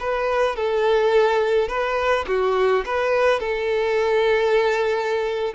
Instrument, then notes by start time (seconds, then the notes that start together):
violin
0.00 B4
0.56 A4
1.69 B4
2.28 F#4
2.86 B4
3.40 A4